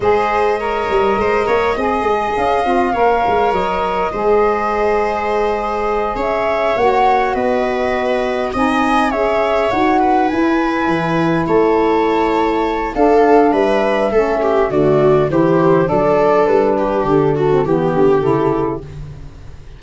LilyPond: <<
  \new Staff \with { instrumentName = "flute" } { \time 4/4 \tempo 4 = 102 dis''1 | f''2 dis''2~ | dis''2~ dis''8 e''4 fis''8~ | fis''8 dis''2 gis''4 e''8~ |
e''8 fis''4 gis''2 a''8~ | a''2 f''4 e''4~ | e''4 d''4 c''4 d''4 | b'4 a'4 g'4 a'4 | }
  \new Staff \with { instrumentName = "viola" } { \time 4/4 c''4 cis''4 c''8 cis''8 dis''4~ | dis''4 cis''2 c''4~ | c''2~ c''8 cis''4.~ | cis''8 b'2 dis''4 cis''8~ |
cis''4 b'2~ b'8 cis''8~ | cis''2 a'4 b'4 | a'8 g'8 fis'4 g'4 a'4~ | a'8 g'4 fis'8 g'2 | }
  \new Staff \with { instrumentName = "saxophone" } { \time 4/4 gis'4 ais'2 gis'4~ | gis'8 f'8 ais'2 gis'4~ | gis'2.~ gis'8 fis'8~ | fis'2~ fis'8 dis'4 gis'8~ |
gis'8 fis'4 e'2~ e'8~ | e'2 d'2 | cis'4 a4 e'4 d'4~ | d'4.~ d'16 c'16 b4 e'4 | }
  \new Staff \with { instrumentName = "tuba" } { \time 4/4 gis4. g8 gis8 ais8 c'8 gis8 | cis'8 c'8 ais8 gis8 fis4 gis4~ | gis2~ gis8 cis'4 ais8~ | ais8 b2 c'4 cis'8~ |
cis'8 dis'4 e'4 e4 a8~ | a2 d'4 g4 | a4 d4 e4 fis4 | g4 d4 e8 d8 cis4 | }
>>